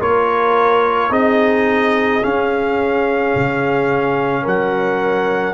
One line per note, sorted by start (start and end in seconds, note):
0.00 1.10 A#3
0.00 1.10 F4
0.00 1.10 A#4
0.00 1.12 C#5
1.10 2.21 C4
1.10 2.22 D#4
1.10 4.43 G#4
1.10 2.23 D#5
2.22 5.53 C#4
2.22 3.35 C#4
2.22 4.46 F5
3.36 4.46 C#3
4.43 5.53 F#3
4.43 5.53 A#4
4.43 5.53 F#5